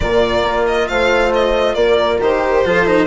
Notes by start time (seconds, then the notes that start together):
0.00 A#2 F4 A#4 D5
0.43 A#3
0.66 D#5
0.88 A3 C5 F5
1.34 D#5
1.74 A#3 A#4 D5
2.19 D#3 G4 C5
2.65 F3 F4 A4
2.85 D#4